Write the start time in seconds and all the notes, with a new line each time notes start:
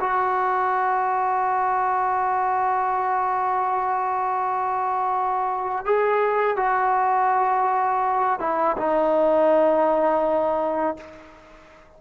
0.00 F#4
5.85 G#4
6.57 F#4
8.40 E4
8.77 D#4